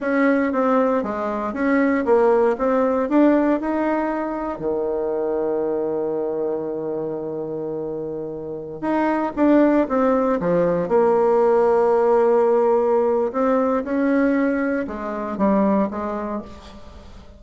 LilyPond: \new Staff \with { instrumentName = "bassoon" } { \time 4/4 \tempo 4 = 117 cis'4 c'4 gis4 cis'4 | ais4 c'4 d'4 dis'4~ | dis'4 dis2.~ | dis1~ |
dis4~ dis16 dis'4 d'4 c'8.~ | c'16 f4 ais2~ ais8.~ | ais2 c'4 cis'4~ | cis'4 gis4 g4 gis4 | }